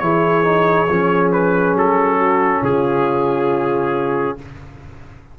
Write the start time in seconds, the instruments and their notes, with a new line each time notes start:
0.00 tuba E3, trombone E4, horn G#4, trumpet C#5
0.44 trombone D#4
0.89 tuba F3, trombone C#4
1.33 trumpet B4
1.74 tuba F#3, trumpet A4
2.19 horn F#4
2.63 tuba C#3, horn F4, trumpet G#4